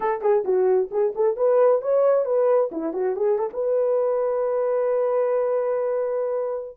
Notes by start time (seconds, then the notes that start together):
0.00 A4
0.21 G#4
0.44 F#4
0.91 G#4
1.15 A4
1.36 B4
1.81 C#5
2.25 B4
2.71 E4
2.93 F#4
3.16 G#4
3.38 A4
3.53 B4